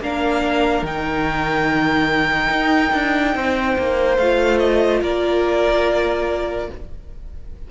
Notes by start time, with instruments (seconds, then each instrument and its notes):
0.00 cello A#3, viola D4, violin A#4 F5
0.82 cello D#3, viola D#4, violin G5
2.49 cello D#4
2.93 cello D4
3.34 cello C4, violin C5
3.78 cello A#3
4.17 cello A3, viola F4, violin F5
4.59 violin D#5
5.01 cello A#3, violin A#4 D5